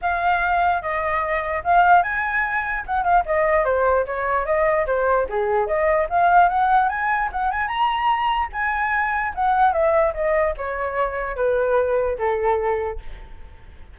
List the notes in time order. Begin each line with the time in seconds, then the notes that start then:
0.01 F5
0.81 D#5
1.63 F5
2.02 G#5
2.86 F#5
3.03 F5
3.25 D#5
3.64 C5
4.06 C#5
4.45 D#5
4.86 C5
5.29 G#4
5.66 D#5
6.09 F5
6.48 F#5
6.89 G#5
7.31 F#5
7.51 G#5
7.67 A#5
8.52 G#5
9.34 F#5
9.72 E5
10.14 D#5
10.57 C#5
11.36 B4
12.18 A4